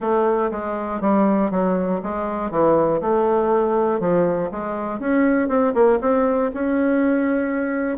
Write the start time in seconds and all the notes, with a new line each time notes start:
0.00 A3
0.51 G#3
1.00 G3
1.50 F#3
2.02 G#3
2.50 E3
3.01 A3
4.00 F3
4.51 G#3
4.99 C#4
5.48 C4
5.74 A#3
6.01 C4
6.53 C#4